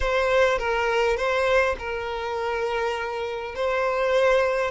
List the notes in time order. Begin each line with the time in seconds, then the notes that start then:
0.00 C5
0.58 A#4
1.16 C5
1.79 A#4
3.55 C5